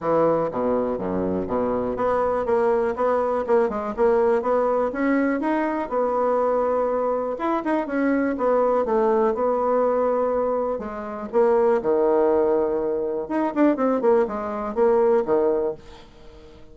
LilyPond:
\new Staff \with { instrumentName = "bassoon" } { \time 4/4 \tempo 4 = 122 e4 b,4 fis,4 b,4 | b4 ais4 b4 ais8 gis8 | ais4 b4 cis'4 dis'4 | b2. e'8 dis'8 |
cis'4 b4 a4 b4~ | b2 gis4 ais4 | dis2. dis'8 d'8 | c'8 ais8 gis4 ais4 dis4 | }